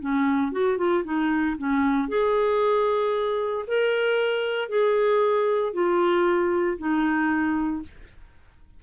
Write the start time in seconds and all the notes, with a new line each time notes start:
0.00 C#4
0.52 F#4
0.78 F4
1.04 D#4
1.58 C#4
2.08 G#4
3.67 A#4
4.69 G#4
5.73 F4
6.78 D#4